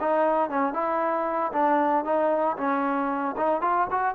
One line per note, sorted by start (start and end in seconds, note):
0.00 0.50 D#4
0.50 0.73 C#4
0.73 1.52 E4
1.52 2.04 D4
2.04 2.56 D#4
2.57 3.35 C#4
3.37 3.61 D#4
3.61 3.87 F4
3.90 4.15 F#4